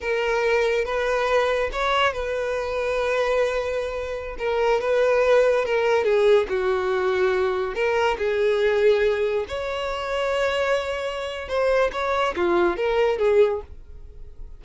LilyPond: \new Staff \with { instrumentName = "violin" } { \time 4/4 \tempo 4 = 141 ais'2 b'2 | cis''4 b'2.~ | b'2~ b'16 ais'4 b'8.~ | b'4~ b'16 ais'4 gis'4 fis'8.~ |
fis'2~ fis'16 ais'4 gis'8.~ | gis'2~ gis'16 cis''4.~ cis''16~ | cis''2. c''4 | cis''4 f'4 ais'4 gis'4 | }